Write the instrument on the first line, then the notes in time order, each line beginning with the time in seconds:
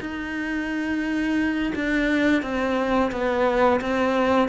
cello
0.00 D#4
1.75 D4
2.42 C4
3.11 B3
3.81 C4